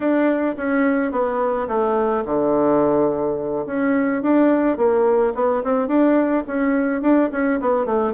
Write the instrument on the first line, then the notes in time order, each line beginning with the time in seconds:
bassoon
0.00 D4
0.57 C#4
1.11 B3
1.67 A3
2.25 D3
3.66 C#4
4.22 D4
4.77 A#3
5.34 B3
5.63 C4
5.87 D4
6.47 C#4
7.01 D4
7.32 C#4
7.60 B3
7.85 A3